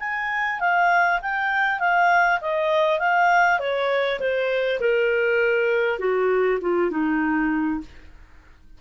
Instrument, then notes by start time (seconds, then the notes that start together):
clarinet
0.00 G#5
0.60 F5
1.22 G5
1.80 F5
2.41 D#5
3.00 F5
3.60 C#5
4.20 C5
4.81 A#4
5.99 F#4
6.61 F4
6.91 D#4